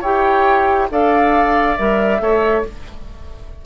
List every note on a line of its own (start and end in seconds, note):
0.00 0.89 E4
0.00 0.90 G4
0.00 0.87 C#5
0.00 0.89 G5
0.90 1.77 D4
0.90 1.77 A4
0.90 2.22 D5
0.90 1.76 F5
1.76 2.20 G3
1.76 2.18 A#4
1.76 2.63 E5
2.18 2.63 A3
2.18 2.62 A4
2.18 2.65 C#5